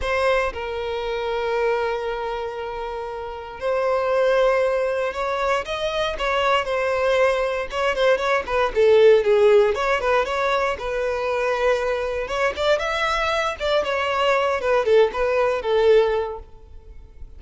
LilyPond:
\new Staff \with { instrumentName = "violin" } { \time 4/4 \tempo 4 = 117 c''4 ais'2.~ | ais'2. c''4~ | c''2 cis''4 dis''4 | cis''4 c''2 cis''8 c''8 |
cis''8 b'8 a'4 gis'4 cis''8 b'8 | cis''4 b'2. | cis''8 d''8 e''4. d''8 cis''4~ | cis''8 b'8 a'8 b'4 a'4. | }